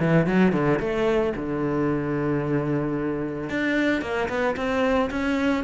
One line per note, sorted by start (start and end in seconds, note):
0.00 0.27 E3
0.27 0.53 F#3
0.53 0.80 D3
0.80 1.34 A3
1.37 3.50 D3
3.50 4.02 D4
4.02 4.29 A#3
4.29 4.56 B3
4.57 5.10 C4
5.11 5.64 C#4